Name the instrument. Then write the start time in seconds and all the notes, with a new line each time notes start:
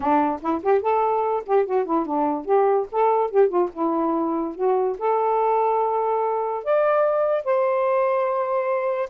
saxophone
0.00 D4
0.41 E4
0.62 G4
0.81 A4
1.46 G4
1.65 F#4
1.85 E4
2.06 D4
2.45 G4
2.91 A4
3.30 G4
3.48 F4
3.73 E4
4.55 F#4
4.98 A4
6.64 D5
7.44 C5